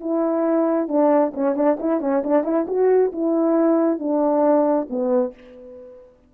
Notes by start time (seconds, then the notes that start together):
0.00 E4
0.88 D4
1.34 C#4
1.55 D4
1.80 E4
2.01 C#4
2.23 D4
2.44 E4
2.67 F#4
3.12 E4
3.99 D4
4.89 B3